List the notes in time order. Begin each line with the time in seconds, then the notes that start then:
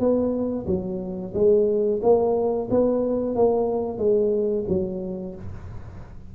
0.00 B3
0.67 F#3
1.35 G#3
2.03 A#3
2.71 B3
3.36 A#3
3.99 G#3
4.69 F#3